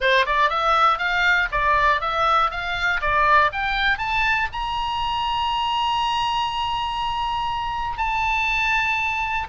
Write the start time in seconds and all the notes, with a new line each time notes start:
0.00 C5
0.25 D5
0.49 E5
0.98 F5
1.51 D5
2.00 E5
2.50 F5
3.01 D5
3.52 G5
3.97 A5
4.52 A#5
7.97 A5